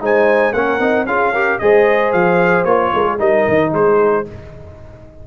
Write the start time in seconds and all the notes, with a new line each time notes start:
0.00 G#3 D#4 C5 G#5
0.52 A#3 C#4 A#4 F#5
0.79 C4 D#4
1.05 C#4 F4 G#4 F5
1.32 G4 A#4
1.58 G#3 G#4 C5 D#5
2.12 F3 F5
2.64 A#3 F4 C#5
2.93 G#3 A#4
3.03 G#4
3.18 G3 D#4 A#4 D#5
3.48 D#3
3.73 G#3 G#4 C5